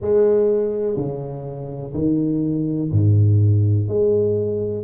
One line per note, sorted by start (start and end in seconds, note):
0.01 0.96 G#3
0.96 1.93 C#3
1.93 2.90 D#3
2.91 3.88 G#2
3.88 4.84 G#3